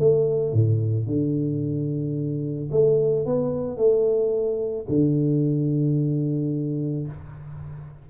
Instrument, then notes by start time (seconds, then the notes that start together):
tuba
0.00 A3
0.53 A2
1.07 D3
2.72 A3
3.26 B3
3.77 A3
4.89 D3